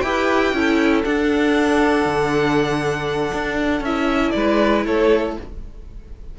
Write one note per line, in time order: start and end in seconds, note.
0.00 0.53 E4
0.00 0.54 G4
0.00 0.55 B4
0.00 1.02 G5
0.53 1.04 C#4
0.53 1.04 E4
0.53 4.36 A4
1.04 3.84 D4
1.04 2.05 D4
1.04 3.84 F#5
2.05 3.32 D3
3.34 3.81 D4
3.81 4.32 C#4
3.81 5.39 E4
3.81 4.31 E5
4.31 4.86 G#3
4.31 4.87 B4
4.31 4.82 D5
4.86 5.37 A3
4.86 5.37 A4
4.86 5.37 C#5